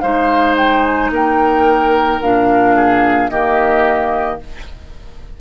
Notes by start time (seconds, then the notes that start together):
0.00 G#3 D#4 C5 F5
0.57 G5
0.83 G#5
1.10 A#3 A#4 G5
2.21 A#2 D4 F5
2.75 G#4
3.29 D#3 A#3 G4 D#5